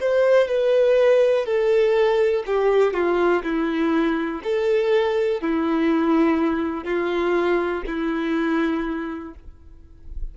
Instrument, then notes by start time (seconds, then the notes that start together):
violin
0.00 C5
0.48 B4
1.45 A4
2.46 G4
2.93 F4
3.43 E4
4.43 A4
5.41 E4
6.84 F4
7.86 E4